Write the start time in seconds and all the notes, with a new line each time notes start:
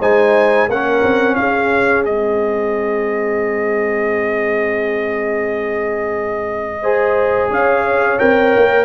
0.00 G#3 D#4 C5 G#5
0.69 A#3 C#4 A#4 F#5
1.03 C4
1.35 C#4 G#4 F5
2.06 G#3 C4 D#5
6.82 G#4 C5
7.50 C#4 C#5 F5
8.19 C4 A#4 G5
8.57 A#3